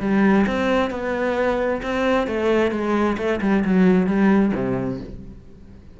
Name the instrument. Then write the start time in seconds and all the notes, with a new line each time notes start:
cello
0.00 G3
0.47 C4
0.90 B3
1.82 C4
2.27 A3
2.71 G#3
3.17 A3
3.41 G3
3.65 F#3
4.07 G3
4.54 C3